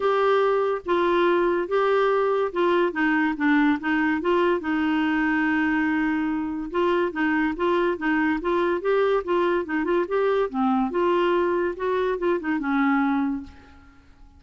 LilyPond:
\new Staff \with { instrumentName = "clarinet" } { \time 4/4 \tempo 4 = 143 g'2 f'2 | g'2 f'4 dis'4 | d'4 dis'4 f'4 dis'4~ | dis'1 |
f'4 dis'4 f'4 dis'4 | f'4 g'4 f'4 dis'8 f'8 | g'4 c'4 f'2 | fis'4 f'8 dis'8 cis'2 | }